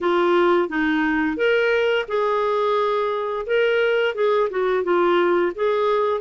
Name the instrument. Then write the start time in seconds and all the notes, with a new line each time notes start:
clarinet
0.00 F4
0.69 D#4
1.36 A#4
2.08 G#4
3.46 A#4
4.14 G#4
4.50 F#4
4.83 F4
5.55 G#4